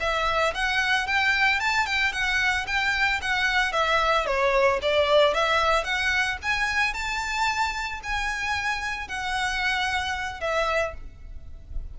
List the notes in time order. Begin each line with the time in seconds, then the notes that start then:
0.00 E5
0.54 F#5
1.07 G5
1.60 A5
1.86 G5
2.12 F#5
2.67 G5
3.22 F#5
3.73 E5
4.26 C#5
4.82 D5
5.34 E5
5.84 F#5
6.42 G#5
6.94 A5
8.03 G#5
9.08 F#5
10.41 E5